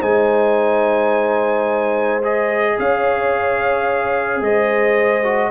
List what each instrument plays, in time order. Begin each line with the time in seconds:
0.00 tuba G#3, trombone D#4, horn C5, trumpet G#5
2.23 trombone G#4, trumpet D#5
2.78 tuba C#4, horn C#5, trumpet F5
4.41 tuba G#3, horn C5, trumpet D#5
5.24 trombone F#4